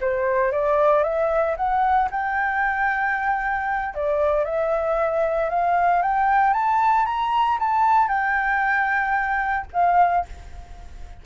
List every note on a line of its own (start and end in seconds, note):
0.00 0.51 C5
0.51 1.03 D5
1.03 1.56 E5
1.56 2.09 F#5
2.11 3.94 G5
3.94 4.44 D5
4.44 5.49 E5
5.49 6.02 F5
6.02 6.53 G5
6.53 7.05 A5
7.05 7.58 A#5
7.59 8.08 A5
8.08 9.66 G5
9.72 10.25 F5